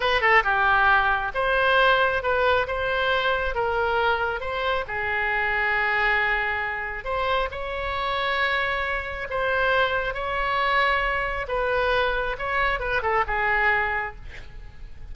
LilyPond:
\new Staff \with { instrumentName = "oboe" } { \time 4/4 \tempo 4 = 136 b'8 a'8 g'2 c''4~ | c''4 b'4 c''2 | ais'2 c''4 gis'4~ | gis'1 |
c''4 cis''2.~ | cis''4 c''2 cis''4~ | cis''2 b'2 | cis''4 b'8 a'8 gis'2 | }